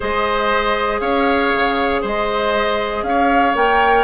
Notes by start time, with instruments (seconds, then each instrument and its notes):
0.00 bassoon G#3, clarinet G#4, oboe C5, flute D#5
1.00 bassoon C#4, oboe C#5, flute F5
1.54 bassoon C#3
2.01 bassoon G#3, oboe C5, flute D#5
3.03 bassoon C#4, oboe C#5, flute F5
3.55 bassoon A#3, clarinet A#4, flute G5